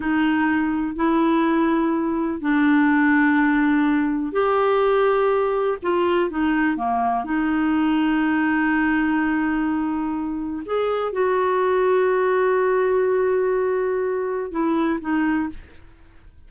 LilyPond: \new Staff \with { instrumentName = "clarinet" } { \time 4/4 \tempo 4 = 124 dis'2 e'2~ | e'4 d'2.~ | d'4 g'2. | f'4 dis'4 ais4 dis'4~ |
dis'1~ | dis'2 gis'4 fis'4~ | fis'1~ | fis'2 e'4 dis'4 | }